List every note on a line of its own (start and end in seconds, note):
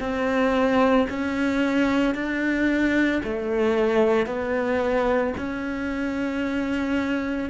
0.00 1.07 C4
1.10 2.15 C#4
2.15 3.22 D4
3.23 4.26 A3
4.26 5.33 B3
5.38 7.50 C#4